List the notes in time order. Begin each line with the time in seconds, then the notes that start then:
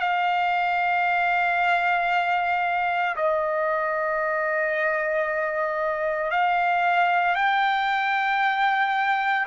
0.00 F5
3.16 D#5
6.31 F5
7.35 G5